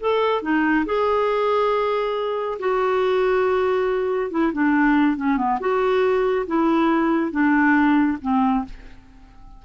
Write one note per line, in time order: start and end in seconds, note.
0.00 0.42 A4
0.42 0.85 D#4
0.86 2.59 G#4
2.59 4.31 F#4
4.31 4.53 E4
4.53 5.17 D4
5.17 5.37 C#4
5.37 5.59 B3
5.60 6.46 F#4
6.47 7.31 E4
7.31 8.17 D4
8.22 8.65 C4